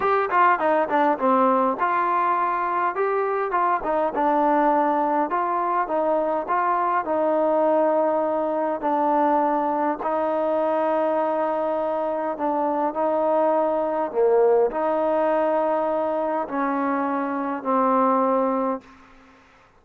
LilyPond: \new Staff \with { instrumentName = "trombone" } { \time 4/4 \tempo 4 = 102 g'8 f'8 dis'8 d'8 c'4 f'4~ | f'4 g'4 f'8 dis'8 d'4~ | d'4 f'4 dis'4 f'4 | dis'2. d'4~ |
d'4 dis'2.~ | dis'4 d'4 dis'2 | ais4 dis'2. | cis'2 c'2 | }